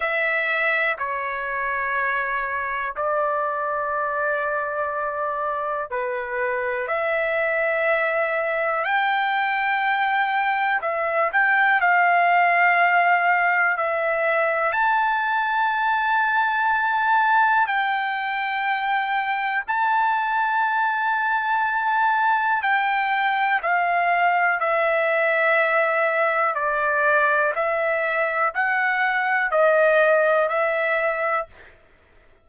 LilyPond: \new Staff \with { instrumentName = "trumpet" } { \time 4/4 \tempo 4 = 61 e''4 cis''2 d''4~ | d''2 b'4 e''4~ | e''4 g''2 e''8 g''8 | f''2 e''4 a''4~ |
a''2 g''2 | a''2. g''4 | f''4 e''2 d''4 | e''4 fis''4 dis''4 e''4 | }